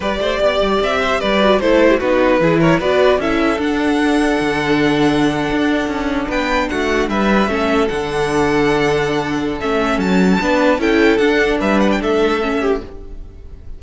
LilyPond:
<<
  \new Staff \with { instrumentName = "violin" } { \time 4/4 \tempo 4 = 150 d''2 e''4 d''4 | c''4 b'4. cis''8 d''4 | e''4 fis''2.~ | fis''2.~ fis''8. g''16~ |
g''8. fis''4 e''2 fis''16~ | fis''1 | e''4 a''2 g''4 | fis''4 e''8 fis''16 g''16 e''2 | }
  \new Staff \with { instrumentName = "violin" } { \time 4/4 b'8 c''8 d''4. c''8 b'4 | a'8. g'16 fis'4 gis'8 ais'8 b'4 | a'1~ | a'2.~ a'8. b'16~ |
b'8. fis'4 b'4 a'4~ a'16~ | a'1~ | a'2 b'4 a'4~ | a'4 b'4 a'4. g'8 | }
  \new Staff \with { instrumentName = "viola" } { \time 4/4 g'2.~ g'8 fis'8 | e'4 dis'4 e'4 fis'4 | e'4 d'2.~ | d'1~ |
d'2~ d'8. cis'4 d'16~ | d'1 | cis'2 d'4 e'4 | d'2. cis'4 | }
  \new Staff \with { instrumentName = "cello" } { \time 4/4 g8 a8 b8 g8 c'4 g4 | a4 b4 e4 b4 | cis'4 d'2 d4~ | d4.~ d16 d'4 cis'4 b16~ |
b8. a4 g4 a4 d16~ | d1 | a4 fis4 b4 cis'4 | d'4 g4 a2 | }
>>